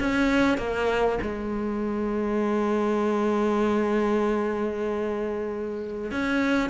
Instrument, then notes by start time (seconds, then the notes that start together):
cello
0.00 C#4
0.58 A#3
1.22 G#3
6.11 C#4